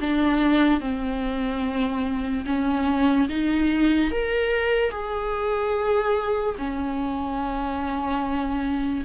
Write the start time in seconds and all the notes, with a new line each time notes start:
0.00 D4
0.80 C4
2.46 C#4
3.29 D#4
4.11 A#4
4.91 G#4
6.58 C#4